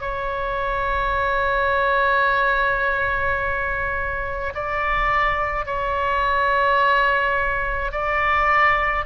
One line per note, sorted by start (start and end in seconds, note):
0.00 4.53 C#5
4.54 5.65 D5
5.65 7.91 C#5
7.91 9.04 D5